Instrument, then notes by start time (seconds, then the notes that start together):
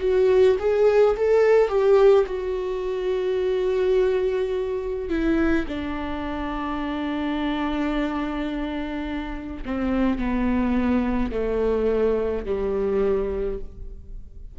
viola
0.00 F#4
0.59 G#4
1.17 A4
1.68 G4
2.26 F#4
5.09 E4
5.68 D4
9.65 C4
10.18 B3
11.32 A3
12.45 G3